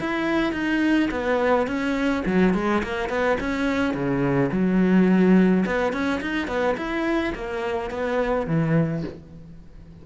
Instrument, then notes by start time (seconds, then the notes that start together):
cello
0.00 E4
0.53 D#4
1.11 B3
1.67 C#4
2.26 F#3
2.54 G#3
2.84 A#3
3.10 B3
3.40 C#4
3.94 C#3
4.52 F#3
5.66 B3
5.93 C#4
6.21 D#4
6.48 B3
6.77 E4
7.35 A#3
7.91 B3
8.47 E3